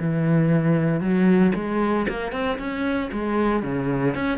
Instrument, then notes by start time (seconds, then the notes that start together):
cello
0.00 E3
1.01 F#3
1.55 G#3
2.09 A#3
2.32 C4
2.59 C#4
3.13 G#3
3.63 C#3
4.15 C#4